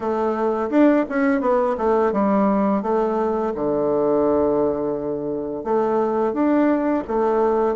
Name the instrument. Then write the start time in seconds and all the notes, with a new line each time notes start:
bassoon
0.00 A3
0.69 D4
1.09 C#4
1.40 B3
1.77 A3
2.12 G3
2.82 A3
3.54 D3
5.64 A3
6.33 D4
7.07 A3